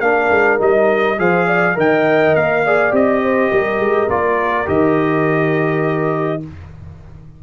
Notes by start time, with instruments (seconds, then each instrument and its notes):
0.00 tuba A#3, trombone D4, horn A#4, trumpet F5
0.30 tuba G#3
0.59 tuba G3, trombone D#4, trumpet D#5
1.18 tuba F3, trombone G#4, horn C5, trumpet F5
1.47 horn D5
1.75 tuba D#3, trombone A#4, horn D#5, trumpet G5
2.35 tuba A#3, trumpet F5
2.65 trombone G#4, horn D5
2.91 tuba C4, trombone G4, trumpet D#5
3.23 horn C5
3.51 tuba G3, horn A#4
3.79 tuba G#3
4.09 tuba A#3, trombone F4, trumpet D5
4.65 tuba D#3, trombone G4, trumpet D#5